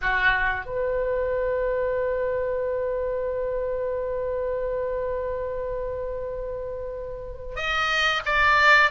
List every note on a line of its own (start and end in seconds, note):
0.01 0.65 F#4
0.65 7.56 B4
7.56 8.21 D#5
8.25 8.90 D5